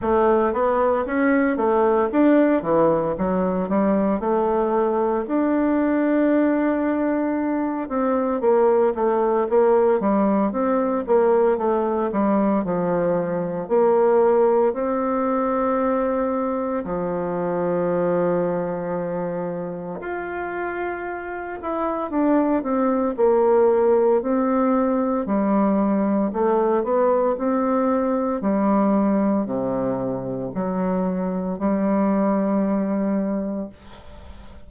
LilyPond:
\new Staff \with { instrumentName = "bassoon" } { \time 4/4 \tempo 4 = 57 a8 b8 cis'8 a8 d'8 e8 fis8 g8 | a4 d'2~ d'8 c'8 | ais8 a8 ais8 g8 c'8 ais8 a8 g8 | f4 ais4 c'2 |
f2. f'4~ | f'8 e'8 d'8 c'8 ais4 c'4 | g4 a8 b8 c'4 g4 | c4 fis4 g2 | }